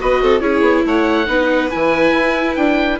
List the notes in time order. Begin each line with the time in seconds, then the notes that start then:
0.00 B3 F#4 B4 D#5
0.22 C4 A4
0.40 C#4 E4 G#4 C#5
0.61 B3
0.86 A3 C#5 F#5
1.26 B3 D#4 B4
1.70 E3 E4 G#5
2.12 E4
2.56 D4 G5